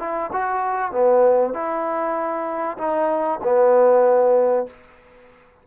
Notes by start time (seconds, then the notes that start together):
0.00 E4
0.33 F#4
0.92 B3
1.54 E4
2.78 D#4
3.44 B3